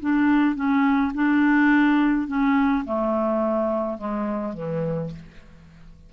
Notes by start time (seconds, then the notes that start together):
0.00 D4
0.55 C#4
1.14 D4
2.27 C#4
2.85 A3
3.98 G#3
4.53 E3